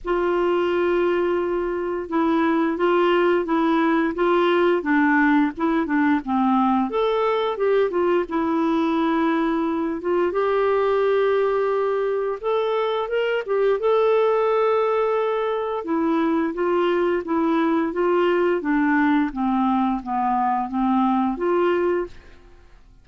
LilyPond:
\new Staff \with { instrumentName = "clarinet" } { \time 4/4 \tempo 4 = 87 f'2. e'4 | f'4 e'4 f'4 d'4 | e'8 d'8 c'4 a'4 g'8 f'8 | e'2~ e'8 f'8 g'4~ |
g'2 a'4 ais'8 g'8 | a'2. e'4 | f'4 e'4 f'4 d'4 | c'4 b4 c'4 f'4 | }